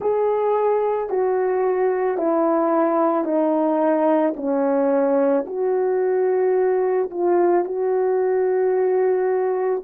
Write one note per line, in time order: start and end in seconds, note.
0.00 1.09 G#4
1.09 2.17 F#4
2.17 3.24 E4
3.24 4.33 D#4
4.36 5.45 C#4
5.46 7.10 F#4
7.10 7.64 F4
7.64 9.82 F#4